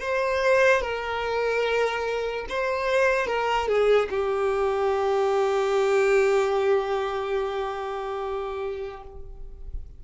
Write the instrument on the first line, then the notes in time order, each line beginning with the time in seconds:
violin
0.00 C5
0.81 A#4
2.49 C5
3.27 A#4
3.68 G#4
4.09 G4